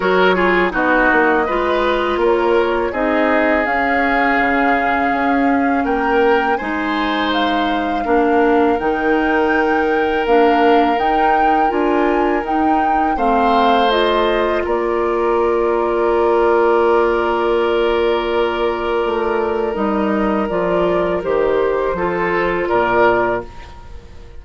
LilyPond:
<<
  \new Staff \with { instrumentName = "flute" } { \time 4/4 \tempo 4 = 82 cis''4 dis''2 cis''4 | dis''4 f''2. | g''4 gis''4 f''2 | g''2 f''4 g''4 |
gis''4 g''4 f''4 dis''4 | d''1~ | d''2. dis''4 | d''4 c''2 d''4 | }
  \new Staff \with { instrumentName = "oboe" } { \time 4/4 ais'8 gis'8 fis'4 b'4 ais'4 | gis'1 | ais'4 c''2 ais'4~ | ais'1~ |
ais'2 c''2 | ais'1~ | ais'1~ | ais'2 a'4 ais'4 | }
  \new Staff \with { instrumentName = "clarinet" } { \time 4/4 fis'8 f'8 dis'4 f'2 | dis'4 cis'2.~ | cis'4 dis'2 d'4 | dis'2 d'4 dis'4 |
f'4 dis'4 c'4 f'4~ | f'1~ | f'2. dis'4 | f'4 g'4 f'2 | }
  \new Staff \with { instrumentName = "bassoon" } { \time 4/4 fis4 b8 ais8 gis4 ais4 | c'4 cis'4 cis4 cis'4 | ais4 gis2 ais4 | dis2 ais4 dis'4 |
d'4 dis'4 a2 | ais1~ | ais2 a4 g4 | f4 dis4 f4 ais,4 | }
>>